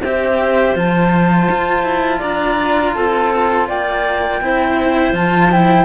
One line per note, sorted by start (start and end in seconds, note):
0.00 0.75 C4
0.00 0.75 G4
0.00 2.18 C5
0.00 0.77 E5
0.75 1.48 F3
0.75 4.41 F4
0.75 2.21 A5
1.50 1.82 F4
1.82 2.19 E4
2.18 2.95 D4
2.18 2.91 D5
2.18 2.93 A#5
2.93 3.68 C4
2.93 3.68 A4
2.93 3.66 A5
3.68 4.41 A#3
3.68 4.41 D5
3.68 5.14 G5
4.41 5.12 C4
4.41 5.14 E4
4.41 5.84 C5
5.12 5.84 F3
5.12 5.50 F4
5.12 5.51 A5
5.51 5.84 E4
5.51 5.84 G5